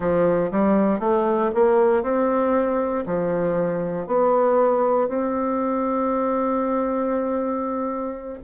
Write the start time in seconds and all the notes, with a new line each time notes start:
0.00 F3
0.51 G3
0.99 A3
1.54 A#3
2.02 C4
3.06 F3
4.06 B3
5.08 C4